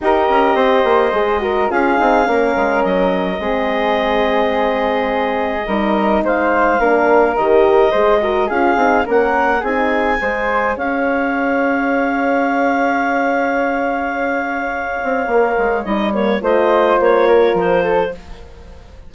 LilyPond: <<
  \new Staff \with { instrumentName = "clarinet" } { \time 4/4 \tempo 4 = 106 dis''2. f''4~ | f''4 dis''2.~ | dis''2. f''4~ | f''4 dis''2 f''4 |
fis''4 gis''2 f''4~ | f''1~ | f''1 | dis''8 cis''8 dis''4 cis''4 c''4 | }
  \new Staff \with { instrumentName = "flute" } { \time 4/4 ais'4 c''4. ais'8 gis'4 | ais'2 gis'2~ | gis'2 ais'4 c''4 | ais'2 c''8 ais'8 gis'4 |
ais'4 gis'4 c''4 cis''4~ | cis''1~ | cis''1~ | cis''4 c''4. ais'4 a'8 | }
  \new Staff \with { instrumentName = "horn" } { \time 4/4 g'2 gis'8 fis'8 f'8 dis'8 | cis'2 c'2~ | c'2 dis'2 | d'4 g'4 gis'8 fis'8 f'8 dis'8 |
cis'4 dis'4 gis'2~ | gis'1~ | gis'2. ais'4 | dis'8 ais8 f'2. | }
  \new Staff \with { instrumentName = "bassoon" } { \time 4/4 dis'8 cis'8 c'8 ais8 gis4 cis'8 c'8 | ais8 gis8 fis4 gis2~ | gis2 g4 gis4 | ais4 dis4 gis4 cis'8 c'8 |
ais4 c'4 gis4 cis'4~ | cis'1~ | cis'2~ cis'8 c'8 ais8 gis8 | g4 a4 ais4 f4 | }
>>